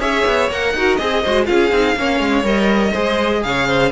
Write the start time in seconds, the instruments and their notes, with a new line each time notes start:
0.00 cello C#4, viola G#4, violin C#5 E5
0.26 cello B3
0.51 cello A#3, viola A#4, violin F#5
0.74 cello D#4, viola F#4, violin A#4
0.96 cello C4, viola G#4, violin G#4 D#5
1.23 cello G#3, viola F#4, violin C5
1.45 cello C#4, viola F4, violin G#4 F5
1.72 cello C4, viola D#4
1.97 cello A#3, viola C#4, violin C#5
2.20 cello G#3
2.44 cello G3, viola A#4, violin D#5
2.92 cello G#3, viola G#4, violin C5
3.43 cello C#3, violin C#5 F5
3.67 violin C5